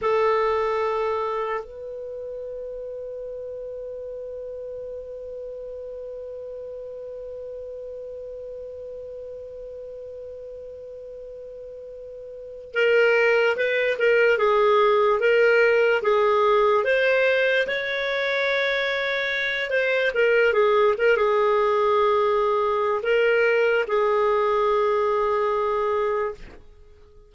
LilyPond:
\new Staff \with { instrumentName = "clarinet" } { \time 4/4 \tempo 4 = 73 a'2 b'2~ | b'1~ | b'1~ | b'2.~ b'8 ais'8~ |
ais'8 b'8 ais'8 gis'4 ais'4 gis'8~ | gis'8 c''4 cis''2~ cis''8 | c''8 ais'8 gis'8 ais'16 gis'2~ gis'16 | ais'4 gis'2. | }